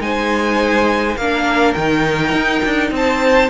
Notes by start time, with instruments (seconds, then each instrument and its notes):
0.00 cello G#3, viola D#4, violin C5 G#5
1.17 cello A#3, viola D4, violin A#4 F5
1.74 cello D#3, viola D#4, violin G5
2.32 cello D#4
2.65 cello D4
2.91 cello C4, violin C5 A5